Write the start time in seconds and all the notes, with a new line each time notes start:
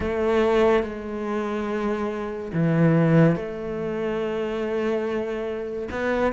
0.00 A3
0.83 G#3
2.53 E3
3.35 A3
5.90 B3